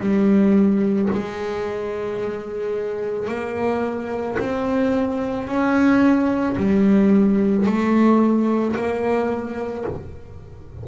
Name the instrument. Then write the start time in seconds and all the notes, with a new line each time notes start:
double bass
0.00 G3
1.12 G#3
3.28 A#3
4.39 C4
5.47 C#4
6.57 G3
7.66 A3
8.76 A#3